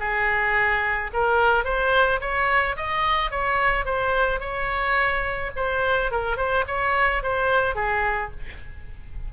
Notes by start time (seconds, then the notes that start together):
0.00 G#4
1.13 A#4
1.64 C5
2.21 C#5
2.77 D#5
3.31 C#5
3.85 C5
4.40 C#5
5.56 C5
6.12 A#4
6.37 C5
6.67 C#5
7.23 C5
7.75 G#4